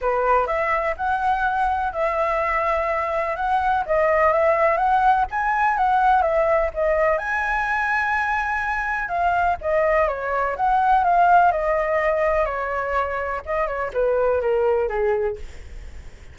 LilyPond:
\new Staff \with { instrumentName = "flute" } { \time 4/4 \tempo 4 = 125 b'4 e''4 fis''2 | e''2. fis''4 | dis''4 e''4 fis''4 gis''4 | fis''4 e''4 dis''4 gis''4~ |
gis''2. f''4 | dis''4 cis''4 fis''4 f''4 | dis''2 cis''2 | dis''8 cis''8 b'4 ais'4 gis'4 | }